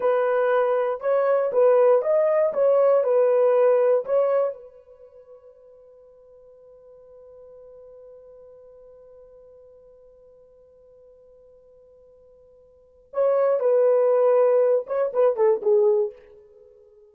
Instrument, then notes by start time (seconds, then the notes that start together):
horn
0.00 B4
1.00 C#5
1.52 B4
2.02 D#5
2.53 C#5
3.03 B4
4.05 C#5
4.53 B4
13.13 C#5
13.59 B4
14.86 C#5
15.13 B4
15.36 A4
15.62 G#4